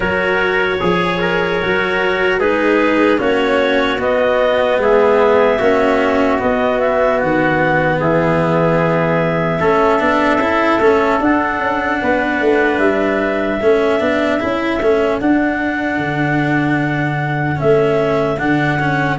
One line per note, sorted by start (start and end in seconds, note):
0.00 0.77 F#3
0.00 0.80 F#4
0.00 0.78 A#4
0.00 2.39 C#5
0.79 1.62 F3
0.79 1.19 G#4
0.79 1.62 G#4
1.20 2.39 A#4
1.62 2.39 F#3
1.62 2.41 F#4
2.39 3.19 G#3
2.39 3.17 D#4
2.39 3.19 G#4
2.39 3.19 B4
3.17 3.98 A#3
3.17 3.97 C#4
3.17 4.80 F#4
3.17 4.00 C#5
3.98 4.77 B3
3.98 5.58 B3
3.98 4.81 D#5
4.77 5.57 G#3
4.77 5.58 G#4
4.77 6.41 E5
5.58 6.39 A#3
5.58 6.39 C#4
5.58 7.98 F#4
6.39 9.59 B3
6.39 7.22 B3
6.39 6.79 D#5
6.79 7.19 E5
7.19 8.00 D#3
7.19 7.99 F#5
7.99 9.60 E3
7.99 9.59 G#4
7.99 11.21 E5
9.59 10.00 A3
9.59 9.99 C#4
9.59 11.99 A4
9.99 10.37 B3
9.99 10.39 D4
10.37 10.77 C#4
10.37 10.80 E4
10.79 11.19 A3
10.79 11.20 C#4
11.20 11.59 D4
11.20 13.60 D4
11.20 12.78 F#5
11.59 11.99 C#4
12.02 12.40 B3
12.02 13.60 B4
12.40 12.78 A3
12.78 13.58 G3
12.78 15.18 E5
13.60 14.00 A3
13.60 14.00 C#4
13.60 19.18 A4
14.00 14.40 B3
14.00 14.40 D4
14.40 14.80 C#4
14.40 14.80 E4
14.80 15.20 A3
14.80 15.21 C#4
15.20 15.98 D4
15.20 17.55 D4
15.20 17.59 F#5
15.98 17.58 D3
17.55 18.35 C#4
17.55 18.38 E5
17.62 18.41 A3
18.38 19.18 D3
18.38 18.79 D4
18.38 19.18 F#5
18.79 19.18 C#4